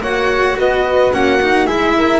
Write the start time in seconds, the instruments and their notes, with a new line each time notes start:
0.00 double bass A#3, cello F#4, flute C#5, violin F#5
0.57 double bass B3, flute B4, violin D#5
1.12 double bass A#3, cello C#4, flute F#4, violin F#5
1.41 cello D#4
1.66 double bass G#3, cello E4, flute G#4, violin E5
1.97 flute A#4